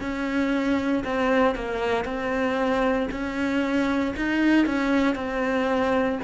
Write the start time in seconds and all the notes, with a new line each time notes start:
0.00 C#4
1.04 C4
1.55 A#3
2.05 C4
3.11 C#4
4.16 D#4
4.66 C#4
5.15 C4